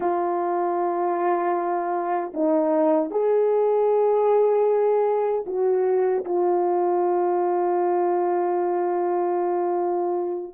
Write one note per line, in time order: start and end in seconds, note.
0.00 2.32 F4
2.33 3.11 D#4
3.11 5.44 G#4
5.46 6.24 F#4
6.24 10.53 F4